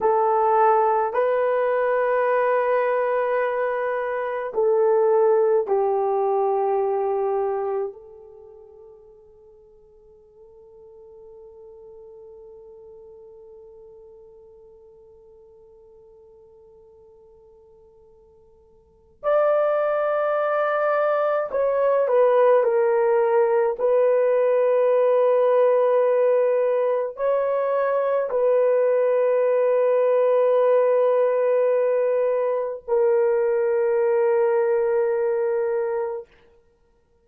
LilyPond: \new Staff \with { instrumentName = "horn" } { \time 4/4 \tempo 4 = 53 a'4 b'2. | a'4 g'2 a'4~ | a'1~ | a'1~ |
a'4 d''2 cis''8 b'8 | ais'4 b'2. | cis''4 b'2.~ | b'4 ais'2. | }